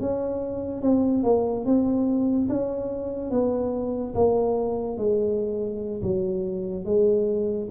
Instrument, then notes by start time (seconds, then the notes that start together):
tuba
0.00 C#4
0.82 C4
1.23 A#3
1.65 C4
2.49 C#4
3.31 B3
4.14 A#3
4.97 G#3
6.02 F#3
6.85 G#3